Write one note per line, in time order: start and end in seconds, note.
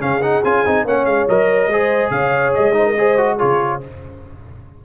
0.00 0.43 C#3
0.00 0.21 C#4
0.00 0.86 G#4
0.00 0.23 F5
0.22 0.43 D#4
0.22 0.44 F#5
0.44 0.66 C#4
0.44 0.66 F4
0.44 0.87 G#5
0.66 0.85 C4
0.66 0.87 D#4
0.85 1.06 A#3
0.85 1.29 C#4
0.85 1.70 C#5
0.85 1.06 F#5
1.06 1.27 G#3
1.06 1.27 F5
1.29 1.68 F#3
1.29 1.71 A#4
1.29 2.11 D#5
1.68 2.10 G#3
1.68 2.73 G#4
1.68 2.12 C5
2.11 2.53 C#3
2.11 2.76 C#5
2.11 2.53 F5
2.55 3.43 G#3
2.55 3.39 D#5
2.73 2.94 D#4
2.73 2.86 C5
2.86 2.97 A#4
2.98 3.18 G#4
2.98 3.36 C5
3.18 3.39 F#4
3.36 3.81 F4
3.36 3.79 G#4
3.36 3.81 C#5
3.43 3.85 C#3